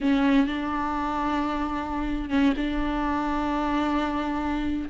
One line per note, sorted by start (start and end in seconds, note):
0.00 0.46 C#4
0.46 2.29 D4
2.29 2.53 C#4
2.56 4.89 D4